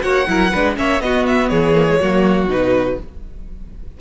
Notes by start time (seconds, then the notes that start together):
0.00 A#3 F#4 C#5 F#5
0.27 F#3 E4 A#4
0.51 G#3 D4 B4
0.76 A#3 C#4 C#5 E5
1.00 B3 F#4 D#5
1.26 E5
1.49 E3 G#4 C#5
1.75 A#3
1.88 G#3
1.99 F#3 A#3 F#4
2.48 B2 D#4 B4